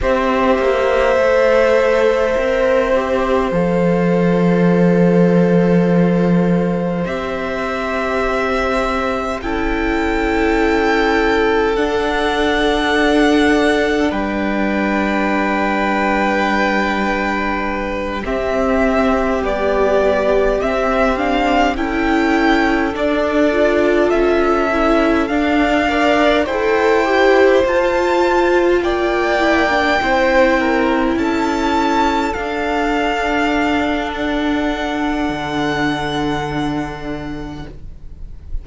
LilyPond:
<<
  \new Staff \with { instrumentName = "violin" } { \time 4/4 \tempo 4 = 51 e''2. f''4~ | f''2 e''2 | g''2 fis''2 | g''2.~ g''8 e''8~ |
e''8 d''4 e''8 f''8 g''4 d''8~ | d''8 e''4 f''4 g''4 a''8~ | a''8 g''2 a''4 f''8~ | f''4 fis''2. | }
  \new Staff \with { instrumentName = "violin" } { \time 4/4 c''1~ | c''1 | a'1 | b'2.~ b'8 g'8~ |
g'2~ g'8 a'4.~ | a'2 d''8 c''4.~ | c''8 d''4 c''8 ais'8 a'4.~ | a'1 | }
  \new Staff \with { instrumentName = "viola" } { \time 4/4 g'4 a'4 ais'8 g'8 a'4~ | a'2 g'2 | e'2 d'2~ | d'2.~ d'8 c'8~ |
c'8 g4 c'8 d'8 e'4 d'8 | f'4 e'8 d'8 ais'8 a'8 g'8 f'8~ | f'4 e'16 d'16 e'2 d'8~ | d'1 | }
  \new Staff \with { instrumentName = "cello" } { \time 4/4 c'8 ais8 a4 c'4 f4~ | f2 c'2 | cis'2 d'2 | g2.~ g8 c'8~ |
c'8 b4 c'4 cis'4 d'8~ | d'8 cis'4 d'4 e'4 f'8~ | f'8 ais4 c'4 cis'4 d'8~ | d'2 d2 | }
>>